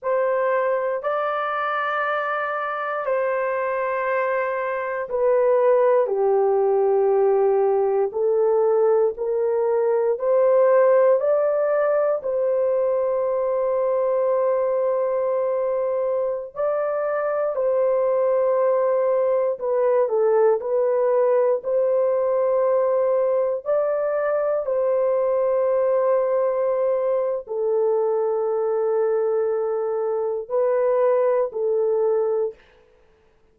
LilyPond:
\new Staff \with { instrumentName = "horn" } { \time 4/4 \tempo 4 = 59 c''4 d''2 c''4~ | c''4 b'4 g'2 | a'4 ais'4 c''4 d''4 | c''1~ |
c''16 d''4 c''2 b'8 a'16~ | a'16 b'4 c''2 d''8.~ | d''16 c''2~ c''8. a'4~ | a'2 b'4 a'4 | }